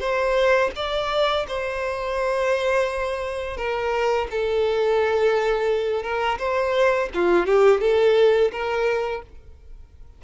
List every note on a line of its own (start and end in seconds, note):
0.00 0.71 C5
0.76 1.46 D5
1.48 3.57 C5
3.57 4.27 A#4
4.31 6.03 A4
6.03 6.38 A#4
6.39 7.09 C5
7.14 7.46 F4
7.46 7.81 G4
7.81 8.51 A4
8.52 9.22 A#4